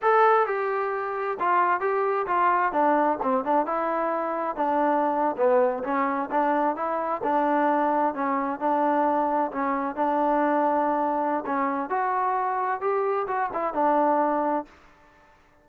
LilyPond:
\new Staff \with { instrumentName = "trombone" } { \time 4/4 \tempo 4 = 131 a'4 g'2 f'4 | g'4 f'4 d'4 c'8 d'8 | e'2 d'4.~ d'16 b16~ | b8. cis'4 d'4 e'4 d'16~ |
d'4.~ d'16 cis'4 d'4~ d'16~ | d'8. cis'4 d'2~ d'16~ | d'4 cis'4 fis'2 | g'4 fis'8 e'8 d'2 | }